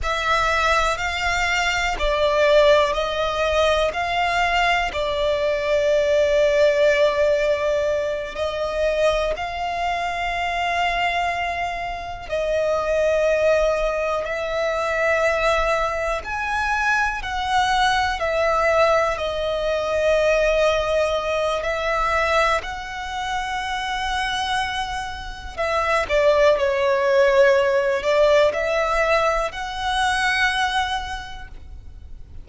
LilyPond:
\new Staff \with { instrumentName = "violin" } { \time 4/4 \tempo 4 = 61 e''4 f''4 d''4 dis''4 | f''4 d''2.~ | d''8 dis''4 f''2~ f''8~ | f''8 dis''2 e''4.~ |
e''8 gis''4 fis''4 e''4 dis''8~ | dis''2 e''4 fis''4~ | fis''2 e''8 d''8 cis''4~ | cis''8 d''8 e''4 fis''2 | }